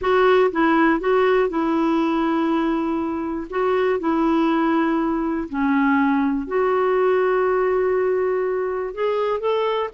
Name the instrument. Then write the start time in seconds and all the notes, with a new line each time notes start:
clarinet
0.01 F#4
0.51 E4
0.99 F#4
1.49 E4
3.50 F#4
3.99 E4
5.49 C#4
6.47 F#4
8.94 G#4
9.40 A4